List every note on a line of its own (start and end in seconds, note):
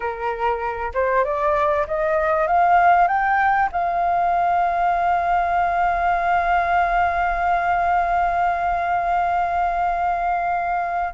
0.00 0.92 A#4
0.94 1.24 C5
1.24 1.86 D5
1.87 2.47 D#5
2.47 3.07 F5
3.07 3.69 G5
3.72 11.13 F5